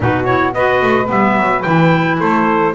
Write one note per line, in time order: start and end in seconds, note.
0.00 0.54 B2
0.00 0.25 D#4
0.00 0.53 F#4
0.00 0.25 B4
0.25 0.53 E4
0.25 0.52 C#5
0.53 0.81 B3
0.53 1.06 F#4
0.53 2.18 B4
0.53 1.09 D#5
0.81 1.09 A3
1.06 1.37 G3
1.06 1.61 B3
1.06 1.62 E5
1.37 1.64 F#3
1.62 2.20 E3
1.62 2.74 E4
1.62 2.17 G5
2.19 2.74 A3
2.19 2.74 A4
2.19 2.74 C5